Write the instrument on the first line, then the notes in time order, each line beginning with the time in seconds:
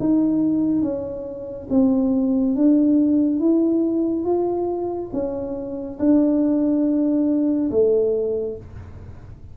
tuba
0.00 D#4
0.82 C#4
1.70 C4
2.56 D4
3.40 E4
4.25 F4
5.13 C#4
5.99 D4
7.71 A3